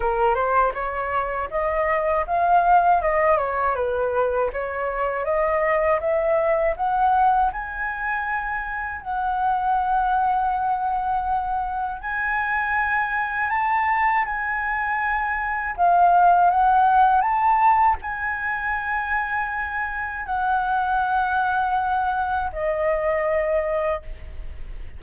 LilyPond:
\new Staff \with { instrumentName = "flute" } { \time 4/4 \tempo 4 = 80 ais'8 c''8 cis''4 dis''4 f''4 | dis''8 cis''8 b'4 cis''4 dis''4 | e''4 fis''4 gis''2 | fis''1 |
gis''2 a''4 gis''4~ | gis''4 f''4 fis''4 a''4 | gis''2. fis''4~ | fis''2 dis''2 | }